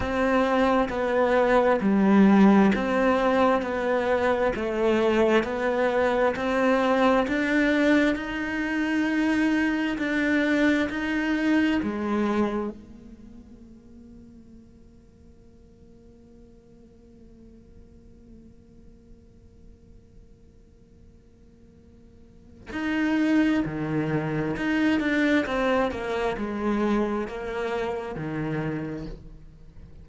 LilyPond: \new Staff \with { instrumentName = "cello" } { \time 4/4 \tempo 4 = 66 c'4 b4 g4 c'4 | b4 a4 b4 c'4 | d'4 dis'2 d'4 | dis'4 gis4 ais2~ |
ais1~ | ais1~ | ais4 dis'4 dis4 dis'8 d'8 | c'8 ais8 gis4 ais4 dis4 | }